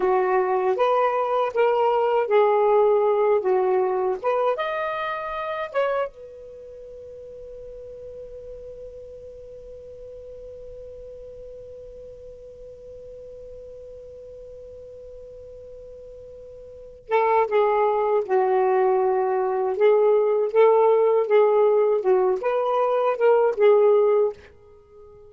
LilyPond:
\new Staff \with { instrumentName = "saxophone" } { \time 4/4 \tempo 4 = 79 fis'4 b'4 ais'4 gis'4~ | gis'8 fis'4 b'8 dis''4. cis''8 | b'1~ | b'1~ |
b'1~ | b'2~ b'8 a'8 gis'4 | fis'2 gis'4 a'4 | gis'4 fis'8 b'4 ais'8 gis'4 | }